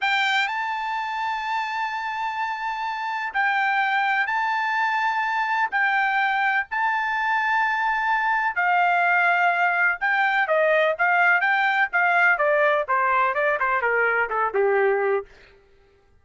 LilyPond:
\new Staff \with { instrumentName = "trumpet" } { \time 4/4 \tempo 4 = 126 g''4 a''2.~ | a''2. g''4~ | g''4 a''2. | g''2 a''2~ |
a''2 f''2~ | f''4 g''4 dis''4 f''4 | g''4 f''4 d''4 c''4 | d''8 c''8 ais'4 a'8 g'4. | }